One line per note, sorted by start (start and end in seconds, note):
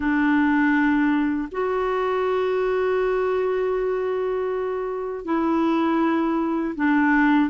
0.00 1.48 D4
1.51 5.24 F#4
5.24 6.74 E4
6.75 7.50 D4